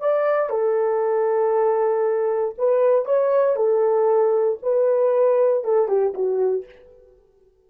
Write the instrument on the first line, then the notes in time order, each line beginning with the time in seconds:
horn
0.00 D5
0.50 A4
2.58 B4
3.05 C#5
3.56 A4
4.62 B4
5.64 A4
5.88 G4
6.14 F#4